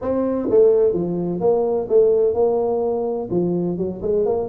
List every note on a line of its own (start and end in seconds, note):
0.01 0.49 C4
0.50 0.93 A3
0.93 1.40 F3
1.40 1.87 A#3
1.89 2.34 A3
2.34 3.28 A#3
3.30 3.77 F3
3.77 4.01 F#3
4.02 4.25 G#3
4.25 4.48 A#3